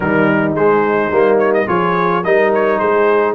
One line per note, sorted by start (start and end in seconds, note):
0.00 0.54 D#3
0.00 0.56 G3
0.00 1.67 D#4
0.00 0.53 A#4
0.54 1.10 G#3
0.54 1.11 G#3
0.54 1.38 C5
1.10 1.66 G3
1.10 1.67 A#3
1.38 1.52 C#5
1.53 1.67 D#5
1.67 2.24 F3
1.67 2.23 F4
1.67 2.23 G#4
1.67 2.24 C#5
2.24 2.81 G3
2.24 3.34 D#4
2.24 2.78 A#4
2.24 2.52 D#5
2.54 2.79 C#5
2.78 3.34 G#3
2.78 3.34 G#4
2.78 3.34 C5